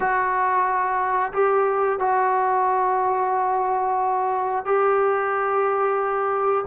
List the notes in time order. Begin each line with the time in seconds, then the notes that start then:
0.00 F#4
1.32 G4
1.98 F#4
4.65 G4